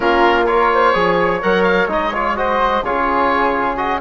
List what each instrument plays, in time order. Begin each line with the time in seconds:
0.00 bassoon A#3, trombone C#4, flute F4, oboe A#4
0.46 trombone F4, flute A#4, oboe C#5
0.73 flute C5
0.93 bassoon F3, trombone G#4, flute C#5
1.42 bassoon F#3, trombone A#4, oboe F#5
1.63 oboe F5
1.86 bassoon G#3, trombone D#4, oboe D#5
2.13 trombone F4, oboe C#5
2.36 trombone F#4, flute C5, oboe D#5
2.84 bassoon C#3, trombone F4, flute G#4, oboe C#5
3.76 trombone F#4, oboe D#5